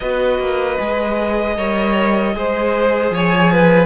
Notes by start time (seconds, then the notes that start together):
0.00 B3 F#4 B4 D#5
0.38 A#3
0.78 G#3 G#4
1.56 G3 A#4 C#5
2.34 G#3 G#4 C5
3.10 F3 C#5 G#5
3.51 B4